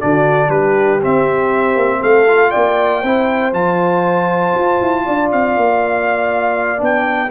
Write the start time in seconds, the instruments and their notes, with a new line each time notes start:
0.00 tuba D3, trombone D4, horn F#4, trumpet D5
0.48 tuba G3, horn G4, trumpet B4
1.02 trombone C4, tuba C4, trumpet E5
1.76 tuba A#3
2.01 tuba A3, horn A4, trumpet F5
2.28 trombone F4
2.51 tuba A#3, horn D5, trumpet G5
3.02 tuba C4, trombone E4, horn C5
3.53 tuba F3, trombone F4, trumpet A5
4.55 tuba F4
4.81 tuba E4
5.05 tuba D4, horn D5
5.32 tuba C4, trumpet F5
5.57 tuba A#3
6.78 tuba B3, trombone D4
6.84 trumpet G5